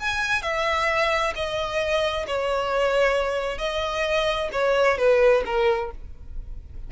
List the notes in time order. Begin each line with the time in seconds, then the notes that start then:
0.00 G#5
0.43 E5
1.36 D#5
2.27 C#5
3.59 D#5
4.52 C#5
4.98 B4
5.46 A#4